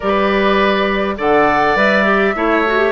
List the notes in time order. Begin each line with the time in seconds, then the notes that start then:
0.00 G3 G4 B4 D5
1.17 D3 A4 D5 F#5
1.75 G3 B4 E5
2.04 G4
2.35 A3 E4 C#5
2.66 F#4
2.77 G4